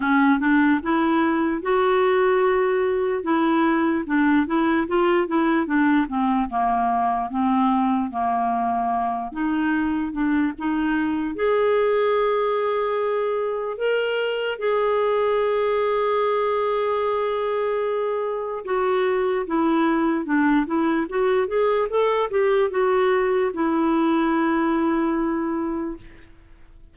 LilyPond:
\new Staff \with { instrumentName = "clarinet" } { \time 4/4 \tempo 4 = 74 cis'8 d'8 e'4 fis'2 | e'4 d'8 e'8 f'8 e'8 d'8 c'8 | ais4 c'4 ais4. dis'8~ | dis'8 d'8 dis'4 gis'2~ |
gis'4 ais'4 gis'2~ | gis'2. fis'4 | e'4 d'8 e'8 fis'8 gis'8 a'8 g'8 | fis'4 e'2. | }